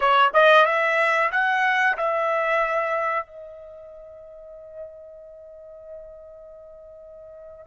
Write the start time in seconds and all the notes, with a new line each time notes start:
0.00 C#5
0.33 D#5
0.65 E5
1.31 F#5
1.97 E5
3.26 D#5